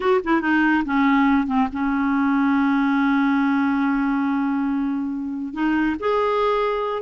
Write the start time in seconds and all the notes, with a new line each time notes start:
0.00 F#4
0.23 E4
0.41 D#4
0.85 C#4
1.46 C4
1.72 C#4
5.53 D#4
5.99 G#4